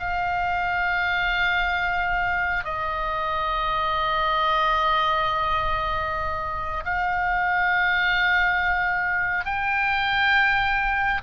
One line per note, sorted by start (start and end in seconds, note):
0.00 2.65 F5
2.65 6.84 D#5
6.85 9.45 F5
9.45 11.22 G5